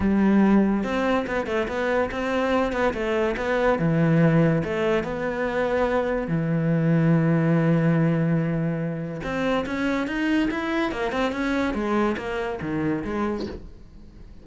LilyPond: \new Staff \with { instrumentName = "cello" } { \time 4/4 \tempo 4 = 143 g2 c'4 b8 a8 | b4 c'4. b8 a4 | b4 e2 a4 | b2. e4~ |
e1~ | e2 c'4 cis'4 | dis'4 e'4 ais8 c'8 cis'4 | gis4 ais4 dis4 gis4 | }